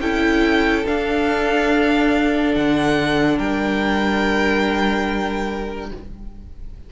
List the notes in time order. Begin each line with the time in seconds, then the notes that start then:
0.00 C#4 E4 A4 G5
0.85 D4 F5
2.55 D3 F#5
3.37 G3 A#4 G5